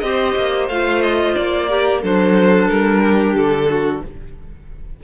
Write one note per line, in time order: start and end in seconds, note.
0.00 0.36 C4
0.00 0.70 G4
0.00 0.67 D#5
0.06 1.69 C5
0.36 0.69 A#3
0.69 1.35 A3
0.69 1.69 F4
0.69 1.02 F5
1.02 1.35 D#5
1.35 2.03 A#3
1.35 2.02 D5
1.69 2.02 G4
1.69 2.02 A#4
2.02 2.70 F#3
2.02 4.03 D4
2.02 3.02 A4
2.02 2.69 C5
2.69 3.35 G3
2.69 3.35 A#4
3.02 3.68 G4
3.35 4.02 D3
3.35 4.03 A4
3.70 4.03 F#4